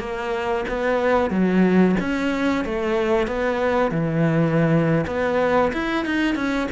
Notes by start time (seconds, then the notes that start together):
0.00 A#3
0.68 B3
1.30 F#3
2.00 C#4
2.65 A3
3.27 B3
3.91 E3
5.07 B3
5.73 E4
6.06 D#4
6.36 C#4